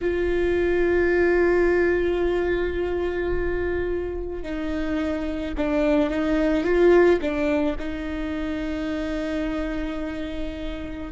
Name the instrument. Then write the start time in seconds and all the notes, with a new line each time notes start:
viola
0.01 F4
4.42 D#4
5.57 D4
6.10 D#4
6.64 F4
7.21 D4
7.78 D#4